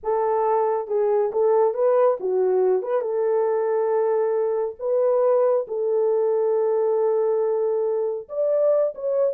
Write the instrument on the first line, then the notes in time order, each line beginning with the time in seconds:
horn
0.03 A4
0.87 G#4
1.32 A4
1.74 B4
2.20 F#4
2.82 B4
3.01 A4
4.79 B4
5.67 A4
8.28 D5
8.94 C#5